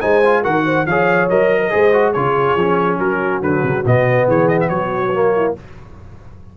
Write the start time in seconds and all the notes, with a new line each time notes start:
0.00 G#3 D#4 C5 G#5
0.24 F4
0.42 D#3 F#4 A#4 F#5
0.66 C5
0.86 F3 G#4 C#5 F5
1.29 F#3 A#4 D#5
1.59 A#4
1.70 G#3 G#4 C5
1.93 F#4
2.12 C#3 F4 G#4 C#5
2.55 F3 C#4
2.99 F#3 F#4 A#4
3.41 D3 F#3 B4
3.63 C#3
3.85 B2 B3 D#5
4.26 E3 G#4 C#5
4.48 D#5
4.60 E5
4.69 F#3 F#4 C#5
5.13 A#3
5.35 E4